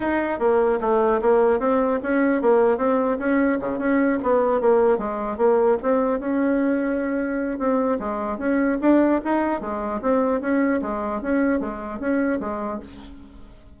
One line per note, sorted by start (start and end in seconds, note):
0.00 0.39 D#4
0.39 0.79 A#3
0.80 1.20 A3
1.21 1.59 A#3
1.59 1.99 C4
2.03 2.41 C#4
2.41 2.77 A#3
2.77 3.17 C4
3.19 3.59 C#4
3.60 3.78 C#3
3.78 4.18 C#4
4.23 4.60 B3
4.60 4.98 A#3
4.98 5.37 G#3
5.37 5.77 A#3
5.82 6.19 C4
6.19 7.59 C#4
7.59 7.99 C4
7.99 8.38 G#3
8.38 8.78 C#4
8.81 9.21 D4
9.24 9.60 D#4
9.60 10.00 G#3
10.01 10.41 C4
10.41 10.81 C#4
10.81 11.21 G#3
11.21 11.60 C#4
11.60 11.99 G#3
11.99 12.39 C#4
12.40 12.80 G#3